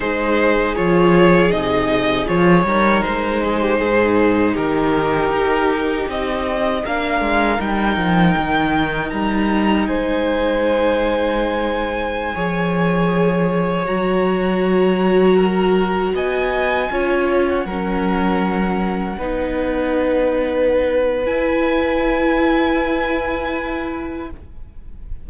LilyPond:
<<
  \new Staff \with { instrumentName = "violin" } { \time 4/4 \tempo 4 = 79 c''4 cis''4 dis''4 cis''4 | c''2 ais'2 | dis''4 f''4 g''2 | ais''4 gis''2.~ |
gis''2~ gis''16 ais''4.~ ais''16~ | ais''4~ ais''16 gis''4.~ gis''16 fis''4~ | fis''1 | gis''1 | }
  \new Staff \with { instrumentName = "violin" } { \time 4/4 gis'2.~ gis'8 ais'8~ | ais'8 gis'16 g'16 gis'4 g'2~ | g'4 ais'2.~ | ais'4 c''2.~ |
c''16 cis''2.~ cis''8.~ | cis''16 ais'4 dis''4 cis''4 ais'8.~ | ais'4~ ais'16 b'2~ b'8.~ | b'1 | }
  \new Staff \with { instrumentName = "viola" } { \time 4/4 dis'4 f'4 dis'4 f'8 dis'8~ | dis'1~ | dis'4 d'4 dis'2~ | dis'1~ |
dis'16 gis'2 fis'4.~ fis'16~ | fis'2~ fis'16 f'4 cis'8.~ | cis'4~ cis'16 dis'2~ dis'8. | e'1 | }
  \new Staff \with { instrumentName = "cello" } { \time 4/4 gis4 f4 c4 f8 g8 | gis4 gis,4 dis4 dis'4 | c'4 ais8 gis8 g8 f8 dis4 | g4 gis2.~ |
gis16 f2 fis4.~ fis16~ | fis4~ fis16 b4 cis'4 fis8.~ | fis4~ fis16 b2~ b8. | e'1 | }
>>